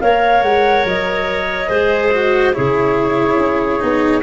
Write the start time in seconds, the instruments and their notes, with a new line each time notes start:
0.00 tuba A#3, cello A#4, clarinet C#5, flute F5
0.41 tuba G#3, flute F#5
0.84 tuba F#3, flute D#5
1.68 tuba G#3, cello G#4, clarinet C5
2.11 cello F#4
2.53 tuba C#3, cello E4, clarinet G#4, flute C#5
3.36 tuba C#4
3.79 tuba B3, cello D#4